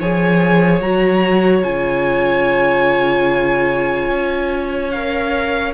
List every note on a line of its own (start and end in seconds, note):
0.00 0.81 F3
0.00 0.82 G#4
0.00 5.74 C#5
0.00 0.81 G#5
0.81 1.63 F#3
0.81 1.64 F#4
0.81 1.63 A#5
1.63 4.10 C#3
1.63 4.92 F4
1.63 4.91 G#5
4.10 5.74 C#4
4.91 5.74 A#4
4.91 5.73 F5